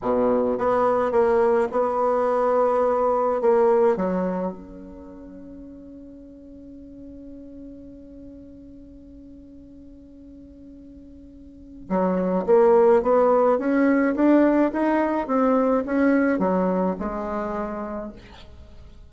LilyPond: \new Staff \with { instrumentName = "bassoon" } { \time 4/4 \tempo 4 = 106 b,4 b4 ais4 b4~ | b2 ais4 fis4 | cis'1~ | cis'1~ |
cis'1~ | cis'4 fis4 ais4 b4 | cis'4 d'4 dis'4 c'4 | cis'4 fis4 gis2 | }